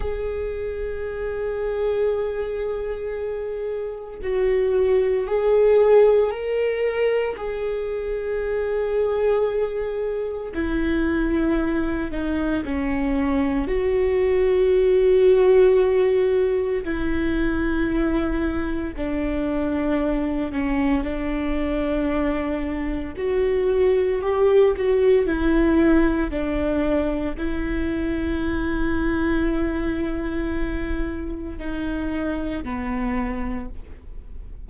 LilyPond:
\new Staff \with { instrumentName = "viola" } { \time 4/4 \tempo 4 = 57 gis'1 | fis'4 gis'4 ais'4 gis'4~ | gis'2 e'4. dis'8 | cis'4 fis'2. |
e'2 d'4. cis'8 | d'2 fis'4 g'8 fis'8 | e'4 d'4 e'2~ | e'2 dis'4 b4 | }